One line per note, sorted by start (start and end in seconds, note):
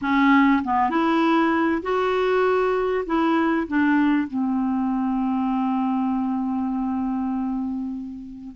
0.01 0.62 C#4
0.63 0.90 B3
0.90 1.82 E4
1.82 3.04 F#4
3.06 3.67 E4
3.67 4.27 D4
4.27 8.55 C4